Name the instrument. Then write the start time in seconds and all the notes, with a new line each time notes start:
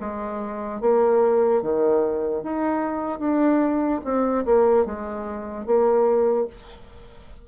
bassoon
0.00 G#3
0.81 A#3
1.63 D#3
2.43 D#4
3.20 D4
4.04 C4
4.46 A#3
4.86 G#3
5.66 A#3